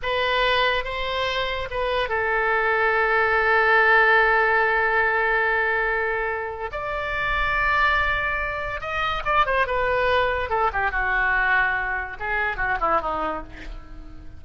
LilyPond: \new Staff \with { instrumentName = "oboe" } { \time 4/4 \tempo 4 = 143 b'2 c''2 | b'4 a'2.~ | a'1~ | a'1 |
d''1~ | d''4 dis''4 d''8 c''8 b'4~ | b'4 a'8 g'8 fis'2~ | fis'4 gis'4 fis'8 e'8 dis'4 | }